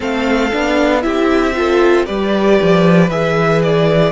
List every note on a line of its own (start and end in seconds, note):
0.00 0.52 A3
0.00 0.51 C4
0.00 1.02 A4
0.00 1.02 F5
0.51 1.05 B3
0.51 1.01 D4
1.01 2.08 C4
1.01 1.53 E4
1.01 1.56 G4
1.01 2.05 E5
1.55 2.06 F4
1.55 2.05 A4
2.05 2.60 G3
2.05 3.09 G4
2.05 4.12 B4
2.05 3.09 D5
2.61 3.09 F3
3.09 4.12 E3
3.09 4.12 G#4
3.09 3.61 E5
3.63 4.12 D5